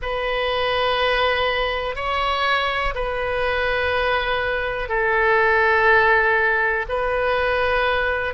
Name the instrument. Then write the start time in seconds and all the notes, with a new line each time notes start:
oboe
0.02 B4
1.95 C#5
2.94 B4
4.89 A4
6.89 B4